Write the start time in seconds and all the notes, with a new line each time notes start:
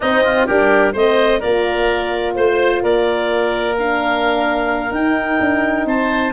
0.00 C4 D#4 D#5
0.24 F4
0.46 G3 D4 G4 A#4
0.93 A3 C4 C5 D#5
1.39 A#3 F4 A#4 D5
2.34 A3 C5
2.82 A#3 A#4 D5
3.77 D4 F5
4.90 D#4 G5
5.40 D4
5.85 C4 C5 A5